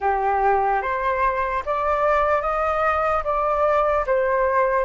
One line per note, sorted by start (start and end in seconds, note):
0.00 0.81 G4
0.82 1.63 C5
1.65 2.41 D5
2.41 3.22 D#5
3.24 4.05 D5
4.06 4.85 C5